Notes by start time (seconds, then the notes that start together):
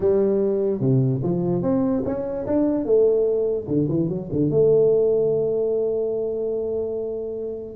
0.00 G3
0.80 C3
1.23 F3
1.62 C4
2.05 C#4
2.46 D4
2.85 A3
3.67 D3
3.88 E3
4.08 F#3
4.32 D3
4.50 A3